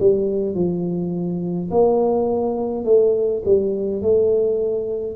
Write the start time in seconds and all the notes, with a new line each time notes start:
0.00 G3
0.55 F3
1.70 A#3
2.85 A3
3.45 G3
4.02 A3